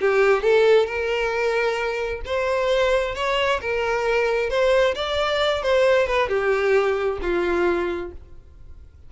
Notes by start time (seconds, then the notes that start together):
0.00 G4
0.42 A4
0.86 A#4
2.25 C5
3.15 C#5
3.61 A#4
4.49 C5
4.95 D5
5.62 C5
6.07 B4
6.28 G4
7.21 F4